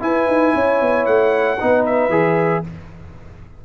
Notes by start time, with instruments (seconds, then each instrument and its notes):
0.00 trombone E4, tuba E4, horn B4, trumpet G#5
0.28 tuba D#4
0.55 tuba C#4, horn C#5
0.81 tuba B3
1.06 tuba A3, trumpet F#5
1.59 tuba B3, trombone D#4, horn B4
1.86 trumpet E5
2.09 tuba E3, trombone G#4